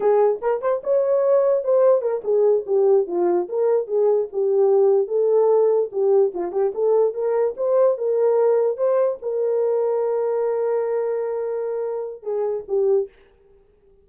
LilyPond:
\new Staff \with { instrumentName = "horn" } { \time 4/4 \tempo 4 = 147 gis'4 ais'8 c''8 cis''2 | c''4 ais'8 gis'4 g'4 f'8~ | f'8 ais'4 gis'4 g'4.~ | g'8 a'2 g'4 f'8 |
g'8 a'4 ais'4 c''4 ais'8~ | ais'4. c''4 ais'4.~ | ais'1~ | ais'2 gis'4 g'4 | }